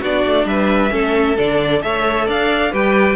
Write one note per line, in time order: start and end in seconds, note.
0.00 0.25 B3
0.00 0.90 D4
0.00 0.45 F#4
0.00 0.47 D5
0.26 0.45 A3
0.45 0.90 G3
0.45 0.93 B4
0.45 1.37 E5
0.90 1.37 A3
0.90 1.35 C#4
0.90 1.83 A4
1.38 1.83 D3
1.38 1.82 D4
1.38 1.82 D5
1.82 2.28 A3
1.82 2.72 A4
1.82 2.27 C#5
1.82 2.27 E5
2.27 2.73 D4
2.27 2.71 D5
2.27 2.74 F5
2.71 3.15 G3
2.71 3.15 G4
2.71 3.15 B4
2.71 3.15 G5